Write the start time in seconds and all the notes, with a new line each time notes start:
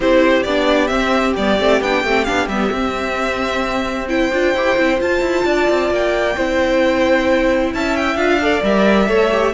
0.00 C4 E4 G4 C5
0.43 B3 D4 D5
0.87 C4 E5
1.36 G3 B3 D5
1.59 A3 C4
1.81 B3 D4 G5
2.04 A3 C4
2.24 B3 D4 F5
2.47 G3 B3 E5
2.72 C4
4.08 E4 C5 G5
4.32 D4 F4
4.54 E4 G4
4.77 C4 E4
4.97 F4 A5
5.21 E4
5.45 D4 D5
5.69 C4
5.90 A#3 G5
6.36 C4 E4 C5
7.73 C#4 E5 A5
7.95 G5
8.15 D4 F4 F5
8.41 A4 D5
8.62 G3 A#4 E5
9.07 A3 A4 C#5
9.31 G4